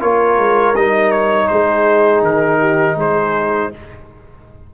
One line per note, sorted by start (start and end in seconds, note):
0.00 0.37 A#3
0.00 0.74 F4
0.00 1.49 A#4
0.00 0.75 C#5
0.37 0.74 G#3
0.74 1.48 G3
0.74 3.73 D#4
0.74 1.11 D#5
1.11 1.48 C#5
1.48 2.22 G#3
1.48 2.59 G#4
1.48 2.22 C5
2.22 2.96 D#3
2.22 2.99 A#4
2.59 2.96 G4
2.96 3.70 G#3
2.96 3.70 G#4
2.96 3.74 C5